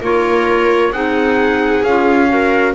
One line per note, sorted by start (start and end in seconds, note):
0.00 0.92 A#3
0.00 0.94 F4
0.00 0.91 A#4
0.00 0.93 C#5
0.92 1.83 C4
0.92 1.84 D#4
0.92 2.29 G#4
0.92 1.84 F#5
1.84 2.75 C#4
1.84 2.29 F4
1.84 2.75 F5
2.29 2.74 F#4
2.29 2.75 A#4